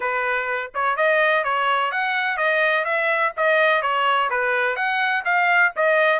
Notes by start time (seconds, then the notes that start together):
0.00 B4
0.74 C#5
0.96 D#5
1.44 C#5
1.91 F#5
2.37 D#5
2.84 E5
3.36 D#5
3.82 C#5
4.30 B4
4.76 F#5
5.24 F5
5.76 D#5